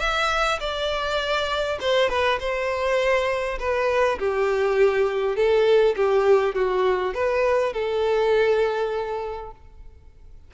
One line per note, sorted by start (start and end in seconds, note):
0.00 0.59 E5
0.60 1.78 D5
1.81 2.10 C5
2.10 2.39 B4
2.40 3.58 C5
3.59 4.19 B4
4.19 5.36 G4
5.36 5.95 A4
5.96 6.55 G4
6.55 7.14 F#4
7.14 7.73 B4
7.73 9.51 A4